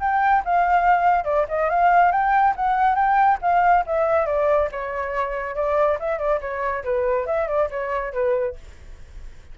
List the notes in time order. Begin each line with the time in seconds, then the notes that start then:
0.00 G5
0.45 F5
1.25 D5
1.49 D#5
1.70 F5
2.12 G5
2.56 F#5
2.95 G5
3.42 F5
3.87 E5
4.26 D5
4.72 C#5
5.55 D5
6.00 E5
6.19 D5
6.41 C#5
6.84 B4
7.26 E5
7.48 D5
7.70 C#5
8.13 B4